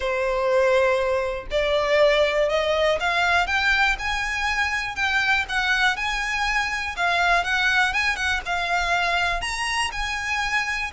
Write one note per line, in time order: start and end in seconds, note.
0.00 1.46 C5
1.51 2.49 D5
2.49 2.98 D#5
3.00 3.47 F5
3.47 3.96 G5
3.98 4.95 G#5
4.95 5.45 G5
5.48 5.96 F#5
5.96 6.95 G#5
6.96 7.44 F5
7.44 7.93 F#5
7.93 8.16 G#5
8.16 8.40 F#5
8.45 9.41 F5
9.41 9.90 A#5
9.92 10.91 G#5